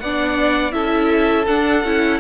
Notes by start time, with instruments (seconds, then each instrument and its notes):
0.00 cello B3, viola D4, violin D5 F#5
0.73 cello C#4, viola E4, violin A4 E5
1.48 viola D4, cello D4, violin F#5
1.84 cello C#4, viola E4